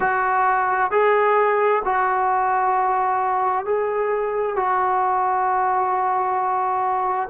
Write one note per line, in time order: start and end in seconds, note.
0.00 0.91 F#4
0.91 1.82 G#4
1.84 3.65 F#4
3.65 4.56 G#4
4.56 7.29 F#4